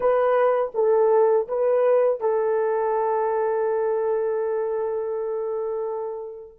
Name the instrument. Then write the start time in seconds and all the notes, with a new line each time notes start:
horn
0.00 B4
0.74 A4
1.48 B4
2.20 A4